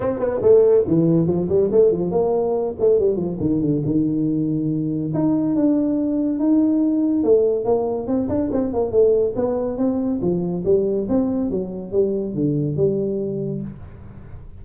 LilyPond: \new Staff \with { instrumentName = "tuba" } { \time 4/4 \tempo 4 = 141 c'8 b8 a4 e4 f8 g8 | a8 f8 ais4. a8 g8 f8 | dis8 d8 dis2. | dis'4 d'2 dis'4~ |
dis'4 a4 ais4 c'8 d'8 | c'8 ais8 a4 b4 c'4 | f4 g4 c'4 fis4 | g4 d4 g2 | }